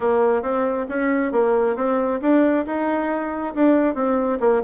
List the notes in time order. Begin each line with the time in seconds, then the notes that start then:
0.00 A#3
0.42 C4
0.88 C#4
1.32 A#3
1.75 C4
2.21 D4
2.66 D#4
3.54 D4
3.94 C4
4.40 A#3